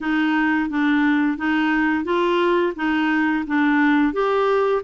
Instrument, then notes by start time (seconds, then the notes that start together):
clarinet
0.01 D#4
0.69 D4
1.37 D#4
2.04 F4
2.76 D#4
3.46 D4
4.13 G4